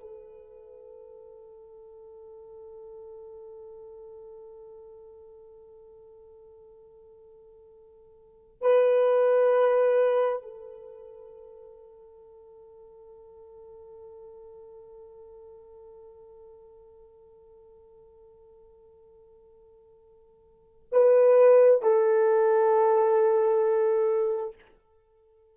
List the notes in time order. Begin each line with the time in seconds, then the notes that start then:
0.00 A4
8.61 B4
10.43 A4
20.92 B4
21.82 A4